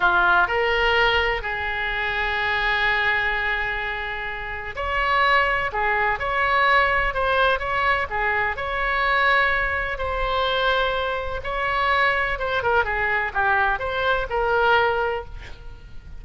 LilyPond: \new Staff \with { instrumentName = "oboe" } { \time 4/4 \tempo 4 = 126 f'4 ais'2 gis'4~ | gis'1~ | gis'2 cis''2 | gis'4 cis''2 c''4 |
cis''4 gis'4 cis''2~ | cis''4 c''2. | cis''2 c''8 ais'8 gis'4 | g'4 c''4 ais'2 | }